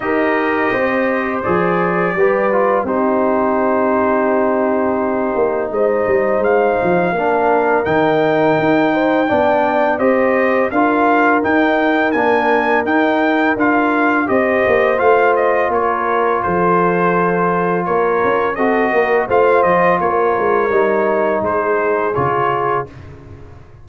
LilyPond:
<<
  \new Staff \with { instrumentName = "trumpet" } { \time 4/4 \tempo 4 = 84 dis''2 d''2 | c''1 | dis''4 f''2 g''4~ | g''2 dis''4 f''4 |
g''4 gis''4 g''4 f''4 | dis''4 f''8 dis''8 cis''4 c''4~ | c''4 cis''4 dis''4 f''8 dis''8 | cis''2 c''4 cis''4 | }
  \new Staff \with { instrumentName = "horn" } { \time 4/4 ais'4 c''2 b'4 | g'1 | c''2 ais'2~ | ais'8 c''8 d''4 c''4 ais'4~ |
ais'1 | c''2 ais'4 a'4~ | a'4 ais'4 a'8 ais'8 c''4 | ais'2 gis'2 | }
  \new Staff \with { instrumentName = "trombone" } { \time 4/4 g'2 gis'4 g'8 f'8 | dis'1~ | dis'2 d'4 dis'4~ | dis'4 d'4 g'4 f'4 |
dis'4 d'4 dis'4 f'4 | g'4 f'2.~ | f'2 fis'4 f'4~ | f'4 dis'2 f'4 | }
  \new Staff \with { instrumentName = "tuba" } { \time 4/4 dis'4 c'4 f4 g4 | c'2.~ c'8 ais8 | gis8 g8 gis8 f8 ais4 dis4 | dis'4 b4 c'4 d'4 |
dis'4 ais4 dis'4 d'4 | c'8 ais8 a4 ais4 f4~ | f4 ais8 cis'8 c'8 ais8 a8 f8 | ais8 gis8 g4 gis4 cis4 | }
>>